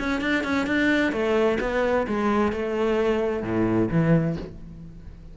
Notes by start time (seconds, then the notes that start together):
0.00 C#4
0.21 D4
0.44 C#4
0.67 D4
1.13 A3
1.61 B3
2.08 G#3
2.53 A3
3.43 A2
3.91 E3